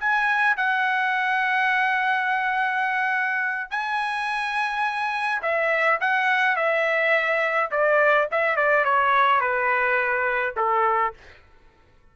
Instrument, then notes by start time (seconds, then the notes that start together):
trumpet
0.00 G#5
0.57 F#5
3.71 G#5
5.43 E5
6.01 F#5
6.57 E5
7.71 D5
8.32 E5
8.56 D5
8.85 C#5
9.41 B4
10.57 A4